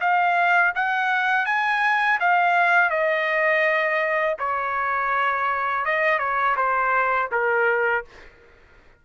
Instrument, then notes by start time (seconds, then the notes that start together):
trumpet
0.00 F5
0.75 F#5
1.45 G#5
2.20 F5
2.90 D#5
4.39 C#5
5.85 D#5
6.19 C#5
6.56 C5
7.31 A#4